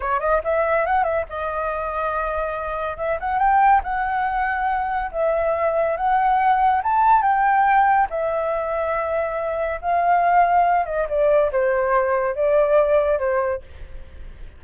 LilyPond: \new Staff \with { instrumentName = "flute" } { \time 4/4 \tempo 4 = 141 cis''8 dis''8 e''4 fis''8 e''8 dis''4~ | dis''2. e''8 fis''8 | g''4 fis''2. | e''2 fis''2 |
a''4 g''2 e''4~ | e''2. f''4~ | f''4. dis''8 d''4 c''4~ | c''4 d''2 c''4 | }